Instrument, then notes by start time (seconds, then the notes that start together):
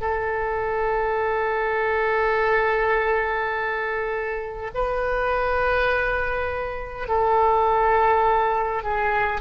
oboe
0.00 A4
4.74 B4
7.07 A4
8.83 G#4